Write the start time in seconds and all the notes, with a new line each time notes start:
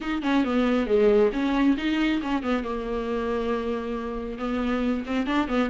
0.00 D#4
0.22 C#4
0.44 B3
0.87 G#3
1.32 C#4
1.77 D#4
2.22 C#4
2.42 B3
2.63 A#3
4.38 B3
5.06 C4
5.26 D4
5.48 B3